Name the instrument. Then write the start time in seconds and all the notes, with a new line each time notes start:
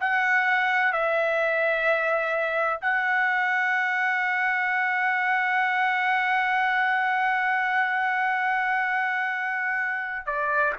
trumpet
0.00 F#5
0.92 E5
2.81 F#5
10.26 D5